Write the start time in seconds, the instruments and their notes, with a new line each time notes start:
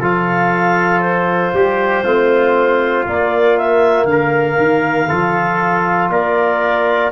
0.00 tuba F3, trombone F4, trumpet A4, clarinet F5
1.00 clarinet C5
1.53 tuba G3, trumpet G4
2.03 tuba A3, trombone C4, trumpet F4
3.05 trombone A#3, tuba A#3, clarinet D5
3.58 clarinet E5
4.04 tuba D3, clarinet F5
4.11 trumpet A#4
4.57 tuba D#3
5.08 tuba F3, trombone F4, trumpet A4
6.09 tuba A#3, trumpet A#4, clarinet D5